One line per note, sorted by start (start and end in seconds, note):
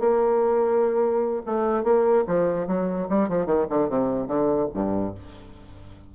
0.00 1.43 A#3
1.47 1.84 A3
1.84 2.25 A#3
2.28 2.68 F3
2.68 3.09 F#3
3.09 3.29 G3
3.29 3.46 F3
3.46 3.67 D#3
3.70 3.89 D3
3.89 4.28 C3
4.28 4.69 D3
4.74 5.15 G2